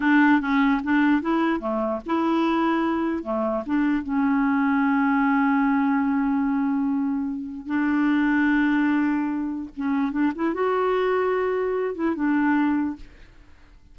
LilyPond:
\new Staff \with { instrumentName = "clarinet" } { \time 4/4 \tempo 4 = 148 d'4 cis'4 d'4 e'4 | a4 e'2. | a4 d'4 cis'2~ | cis'1~ |
cis'2. d'4~ | d'1 | cis'4 d'8 e'8 fis'2~ | fis'4. e'8 d'2 | }